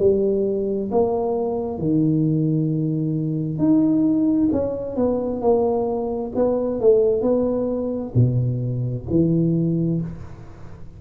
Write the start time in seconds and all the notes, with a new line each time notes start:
0.00 G3
0.91 A#3
1.79 D#3
3.59 D#4
4.52 C#4
4.97 B3
5.41 A#3
6.36 B3
6.81 A3
7.22 B3
8.15 B2
9.11 E3